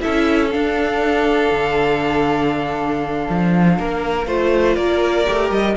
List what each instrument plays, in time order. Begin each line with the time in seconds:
0.00 viola E4, violin A4 E5
0.06 cello C#4
0.51 viola D4, cello D4, violin F5
1.52 cello D3
3.29 cello F3
3.79 cello A#3, violin A#4
4.27 cello A3, viola F4, violin C5
4.75 cello A#3, violin A#4 D5
5.25 cello A3, viola G4
5.50 cello G3, violin D#5